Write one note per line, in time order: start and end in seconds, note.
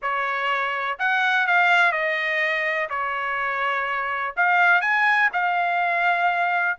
0.01 0.98 C#5
0.99 1.46 F#5
1.46 1.91 F5
1.91 2.88 D#5
2.89 4.34 C#5
4.36 4.81 F5
4.81 5.29 G#5
5.32 6.77 F5